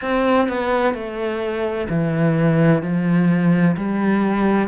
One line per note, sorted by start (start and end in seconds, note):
0.01 0.48 C4
0.48 0.94 B3
0.94 1.87 A3
1.89 2.82 E3
2.82 3.75 F3
3.77 4.68 G3